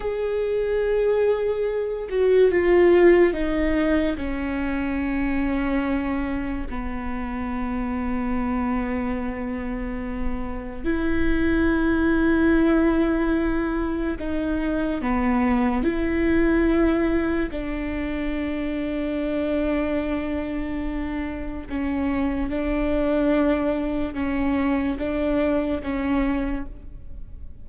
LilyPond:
\new Staff \with { instrumentName = "viola" } { \time 4/4 \tempo 4 = 72 gis'2~ gis'8 fis'8 f'4 | dis'4 cis'2. | b1~ | b4 e'2.~ |
e'4 dis'4 b4 e'4~ | e'4 d'2.~ | d'2 cis'4 d'4~ | d'4 cis'4 d'4 cis'4 | }